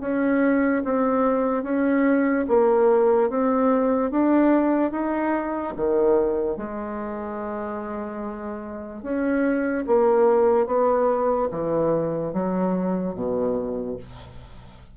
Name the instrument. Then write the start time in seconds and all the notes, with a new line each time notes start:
bassoon
0.00 C#4
0.84 C4
1.63 C#4
2.48 A#3
3.29 C4
4.10 D4
4.91 D#4
5.76 D#3
6.56 G#3
9.02 C#4
9.86 A#3
10.66 B3
11.51 E3
12.33 F#3
13.14 B2